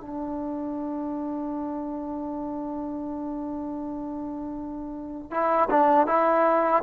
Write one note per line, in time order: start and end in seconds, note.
0.00 5.31 D4
5.31 5.69 E4
5.70 6.07 D4
6.07 6.83 E4